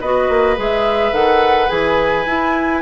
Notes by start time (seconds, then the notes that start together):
0.00 B3 F#4 B4 D#5
0.28 A#3
0.56 G#3 G#4 E5
1.12 D#3 A4 F#5
1.68 E3 G#4 G#5
2.26 E4